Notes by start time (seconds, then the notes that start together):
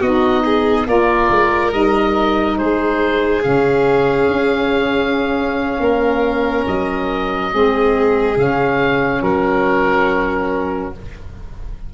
0.00 B3 D#4 F#4 D#5
0.44 G#4
0.87 A#3 F4 A#4 D5
1.30 G#3
1.72 G3 D#4 D#5
2.57 G#3 G#4 C5
3.42 C#3 C#4 F5
4.28 C#4
5.80 A#3 A#4
6.67 F#3 D#5
7.50 G#3 C4 G#4
8.36 C#3 C#4 F5
9.22 F#3 F#4 A#4